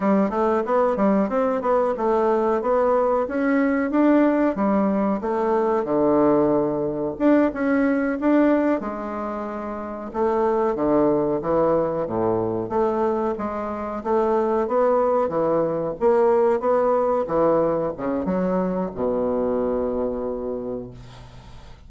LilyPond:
\new Staff \with { instrumentName = "bassoon" } { \time 4/4 \tempo 4 = 92 g8 a8 b8 g8 c'8 b8 a4 | b4 cis'4 d'4 g4 | a4 d2 d'8 cis'8~ | cis'8 d'4 gis2 a8~ |
a8 d4 e4 a,4 a8~ | a8 gis4 a4 b4 e8~ | e8 ais4 b4 e4 cis8 | fis4 b,2. | }